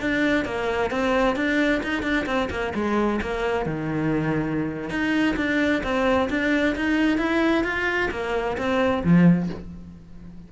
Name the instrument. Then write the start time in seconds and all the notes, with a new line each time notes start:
cello
0.00 D4
0.45 A#3
0.91 C4
1.36 D4
1.83 D#4
2.02 D4
2.26 C4
2.50 A#3
2.74 G#3
3.21 A#3
3.66 D#3
4.90 D#4
5.36 D4
5.83 C4
6.30 D4
6.76 D#4
7.18 E4
7.64 F4
8.11 A#3
8.57 C4
9.04 F3